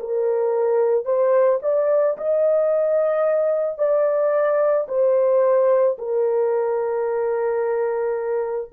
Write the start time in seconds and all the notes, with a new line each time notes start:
0.00 A#4
1.05 C5
1.63 D5
2.18 D#5
3.78 D5
4.88 C5
5.99 A#4